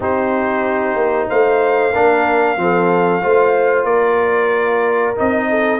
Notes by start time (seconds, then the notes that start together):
0.00 C4 D#4 G4 C5
0.95 A#3
1.28 A3 C5 F5
1.92 A#3 D4 A#4
2.57 F3 C4 A4
3.21 A3 F4 C5
3.84 A#3 A#4 D5
5.15 C4 D#4 D#5
5.49 A4